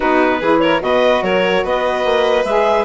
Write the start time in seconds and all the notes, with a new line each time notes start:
0.00 B3 D#4 F#4 B4
0.40 E3 E4 G#4
0.60 A#4 C#5
0.79 B2 F#4 B4 D#5
1.22 F#3 A#4 C#5
1.64 B3 B4 D#5
2.04 A#3
2.44 G#3 G#4 E5